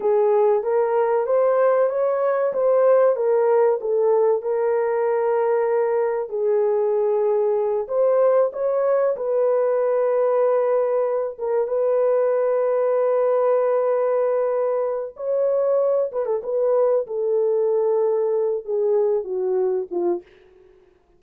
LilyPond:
\new Staff \with { instrumentName = "horn" } { \time 4/4 \tempo 4 = 95 gis'4 ais'4 c''4 cis''4 | c''4 ais'4 a'4 ais'4~ | ais'2 gis'2~ | gis'8 c''4 cis''4 b'4.~ |
b'2 ais'8 b'4.~ | b'1 | cis''4. b'16 a'16 b'4 a'4~ | a'4. gis'4 fis'4 f'8 | }